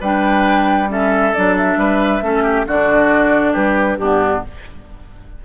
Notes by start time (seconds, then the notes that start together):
0.00 G3 D4 B4 G5
0.88 C#4 A4 E5
1.34 F#3 D4 D5
1.56 E5
1.76 G3 B4
2.21 A3 C#4 A4
2.43 G4
2.66 D3 D4 F#4 D5
3.52 G3 G4 B4
3.97 G2 B3 D4 G4